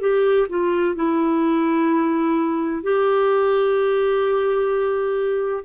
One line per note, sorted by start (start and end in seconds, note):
0.00 0.47 G4
0.49 0.95 F4
0.95 2.82 E4
2.82 5.63 G4